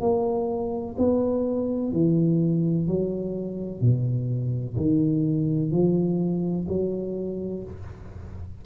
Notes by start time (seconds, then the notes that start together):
0.00 A#3
0.98 B3
1.92 E3
2.87 F#3
3.81 B2
4.76 D#3
5.71 F3
6.68 F#3